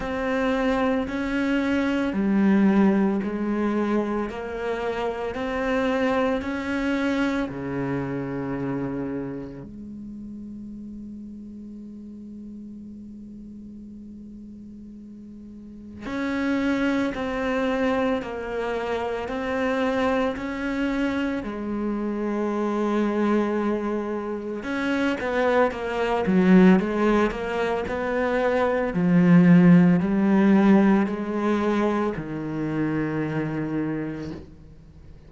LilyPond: \new Staff \with { instrumentName = "cello" } { \time 4/4 \tempo 4 = 56 c'4 cis'4 g4 gis4 | ais4 c'4 cis'4 cis4~ | cis4 gis2.~ | gis2. cis'4 |
c'4 ais4 c'4 cis'4 | gis2. cis'8 b8 | ais8 fis8 gis8 ais8 b4 f4 | g4 gis4 dis2 | }